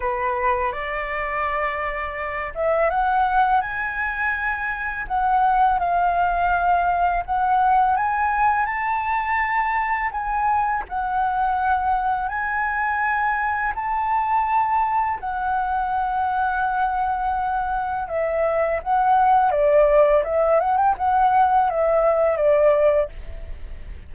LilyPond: \new Staff \with { instrumentName = "flute" } { \time 4/4 \tempo 4 = 83 b'4 d''2~ d''8 e''8 | fis''4 gis''2 fis''4 | f''2 fis''4 gis''4 | a''2 gis''4 fis''4~ |
fis''4 gis''2 a''4~ | a''4 fis''2.~ | fis''4 e''4 fis''4 d''4 | e''8 fis''16 g''16 fis''4 e''4 d''4 | }